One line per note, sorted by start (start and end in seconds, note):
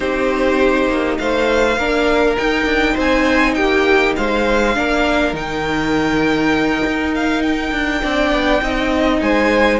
0.00 0.88 C4
0.00 1.76 D#4
0.00 1.19 G4
0.00 1.17 C5
0.88 1.18 A#3
1.17 1.77 A3
1.17 1.78 C5
1.17 2.36 F5
1.77 2.36 A#3
1.77 2.37 D4
1.77 2.92 A#4
2.37 4.74 D#4
2.37 2.65 D#4
2.37 2.97 G5
2.65 2.94 D4
2.92 3.56 C4
2.92 3.52 C5
3.00 3.54 G#5
3.54 4.16 A#3
3.54 4.16 G4
3.54 4.13 G5
4.16 4.76 G#3
4.16 4.76 C5
4.16 5.35 F5
4.74 5.32 A#3
4.74 5.34 D4
4.74 8.02 A#4
5.32 6.81 D#3
5.32 8.01 D#4
5.32 7.14 G5
6.86 7.71 D#4
7.14 7.42 F5
7.42 9.20 G5
7.71 8.01 D4
8.02 8.31 C4
8.02 8.62 D4
8.02 8.61 D5
8.31 8.61 B3
8.61 9.21 C4
8.61 9.79 D#4
8.61 9.22 D#5
9.21 9.79 G#3
9.21 9.79 C5
9.21 9.79 G#5